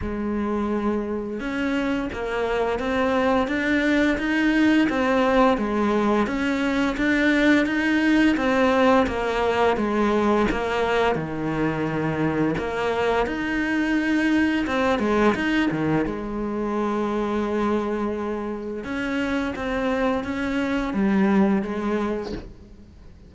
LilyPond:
\new Staff \with { instrumentName = "cello" } { \time 4/4 \tempo 4 = 86 gis2 cis'4 ais4 | c'4 d'4 dis'4 c'4 | gis4 cis'4 d'4 dis'4 | c'4 ais4 gis4 ais4 |
dis2 ais4 dis'4~ | dis'4 c'8 gis8 dis'8 dis8 gis4~ | gis2. cis'4 | c'4 cis'4 g4 gis4 | }